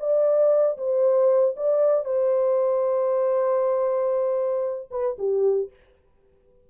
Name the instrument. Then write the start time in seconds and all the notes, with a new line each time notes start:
horn
0.00 D5
0.78 C5
1.57 D5
2.05 C5
4.91 B4
5.19 G4